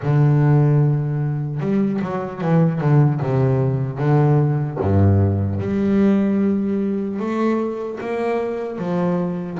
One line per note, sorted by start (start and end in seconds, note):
0.02 1.60 D3
1.60 2.00 G3
2.01 2.41 F#3
2.41 2.80 E3
2.80 3.20 D3
3.21 3.98 C3
3.98 4.78 D3
4.80 5.60 G2
5.60 7.19 G3
7.19 7.99 A3
8.00 8.78 A#3
8.78 9.58 F3